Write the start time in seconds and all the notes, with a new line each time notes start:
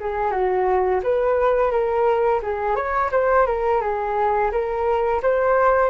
0.00 G#4
0.32 F#4
1.04 B4
1.72 A#4
2.43 G#4
2.76 C#5
3.12 C5
3.47 A#4
3.82 G#4
4.52 A#4
5.23 C5